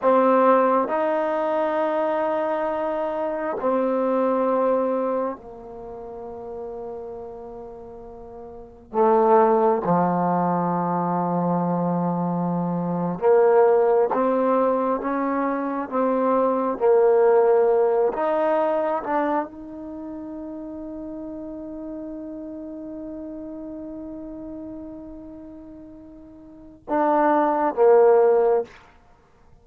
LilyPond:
\new Staff \with { instrumentName = "trombone" } { \time 4/4 \tempo 4 = 67 c'4 dis'2. | c'2 ais2~ | ais2 a4 f4~ | f2~ f8. ais4 c'16~ |
c'8. cis'4 c'4 ais4~ ais16~ | ais16 dis'4 d'8 dis'2~ dis'16~ | dis'1~ | dis'2 d'4 ais4 | }